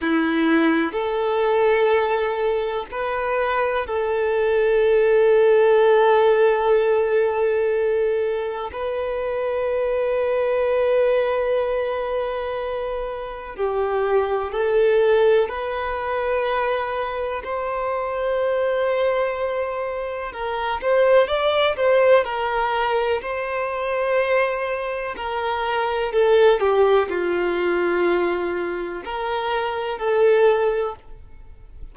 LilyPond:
\new Staff \with { instrumentName = "violin" } { \time 4/4 \tempo 4 = 62 e'4 a'2 b'4 | a'1~ | a'4 b'2.~ | b'2 g'4 a'4 |
b'2 c''2~ | c''4 ais'8 c''8 d''8 c''8 ais'4 | c''2 ais'4 a'8 g'8 | f'2 ais'4 a'4 | }